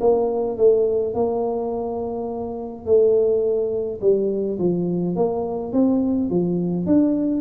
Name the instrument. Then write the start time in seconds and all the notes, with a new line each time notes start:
tuba
0.00 A#3
0.57 A3
1.14 A#3
2.85 A3
4.01 G3
4.58 F3
5.16 A#3
5.72 C4
6.30 F3
6.86 D4